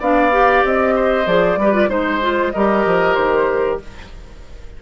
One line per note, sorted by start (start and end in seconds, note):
0.00 0.64 B3
0.00 0.32 D4
0.00 0.95 D5
0.00 0.66 F5
0.32 1.27 G4
0.64 1.27 C4
0.64 1.28 D#5
0.96 1.59 C5
1.27 1.57 F3
1.27 1.58 G#4
1.27 1.90 D5
1.57 1.89 G3
1.57 1.90 B4
1.64 1.74 G4
1.74 1.89 F4
1.89 2.53 G#3
1.89 2.21 D#4
1.89 2.53 C5
1.89 2.52 C5
2.22 2.53 F4
2.52 2.86 G3
2.52 3.82 G4
2.52 3.81 A#4
2.52 3.15 D#5
2.86 3.16 F3
3.15 3.79 D#3
3.15 3.78 C5